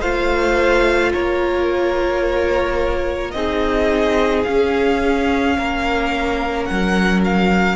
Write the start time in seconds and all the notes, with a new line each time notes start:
0.00 A3 F4 C5 F5
1.13 A#3 A#4 C#5
3.31 C4 D#4 G#4 D#5
4.44 C#4 F5
5.57 A#3 A#4
6.65 F#3 F#5
7.25 F5